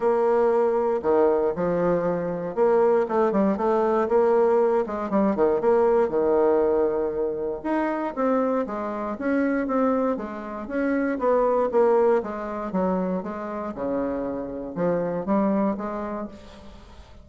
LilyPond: \new Staff \with { instrumentName = "bassoon" } { \time 4/4 \tempo 4 = 118 ais2 dis4 f4~ | f4 ais4 a8 g8 a4 | ais4. gis8 g8 dis8 ais4 | dis2. dis'4 |
c'4 gis4 cis'4 c'4 | gis4 cis'4 b4 ais4 | gis4 fis4 gis4 cis4~ | cis4 f4 g4 gis4 | }